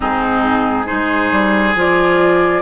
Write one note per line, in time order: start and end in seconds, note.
0.00 0.89 G#2
0.00 0.85 C4
0.00 0.86 D#4
0.00 0.87 G#4
0.85 1.31 G#3
0.85 1.74 D#4
0.85 2.62 G#4
0.85 1.75 C5
1.31 1.75 G3
1.75 2.62 F3
1.75 2.62 F4
1.75 2.62 D5